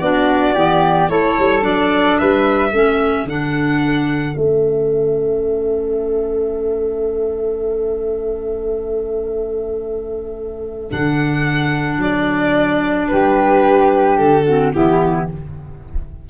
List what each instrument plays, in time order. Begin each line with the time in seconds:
0.00 tuba B3, clarinet D4, flute F#4, violin D5
0.54 tuba E3, clarinet B3, flute G4
1.09 tuba A3, clarinet E4, flute A4, violin C#5
1.39 tuba G3
1.61 tuba F#3, clarinet D4, violin D5
2.19 tuba G3, flute B4, violin E5
2.72 tuba A3, clarinet C#4, flute A4
3.25 tuba D3, clarinet D4, violin F#5
4.35 tuba A3, clarinet C#4, violin E5
10.90 tuba D3, clarinet D4, violin F#5
11.98 tuba F#3, violin D5
13.08 tuba G3, flute G4, violin B4
14.17 tuba D3, violin A4
14.44 clarinet C4, flute F#4
14.74 tuba E3, clarinet B3, flute E4, violin G4